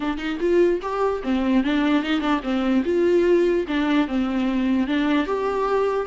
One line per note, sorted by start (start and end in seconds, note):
0.00 0.17 D4
0.17 0.38 D#4
0.40 0.80 F4
0.81 1.22 G4
1.23 1.63 C4
1.63 2.03 D4
2.03 2.20 D#4
2.20 2.40 D4
2.43 2.83 C4
2.84 3.65 F4
3.67 4.07 D4
4.07 4.87 C4
4.87 5.26 D4
5.26 6.06 G4